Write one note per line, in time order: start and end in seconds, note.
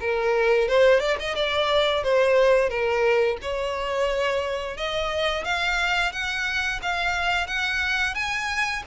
0.00 0.68 A#4
0.68 0.99 C5
0.99 1.17 D5
1.19 1.35 D#5
1.35 2.03 D5
2.03 2.69 C5
2.69 3.37 A#4
3.41 4.77 C#5
4.77 5.44 D#5
5.44 6.12 F5
6.12 6.80 F#5
6.82 7.47 F5
7.47 8.14 F#5
8.14 8.83 G#5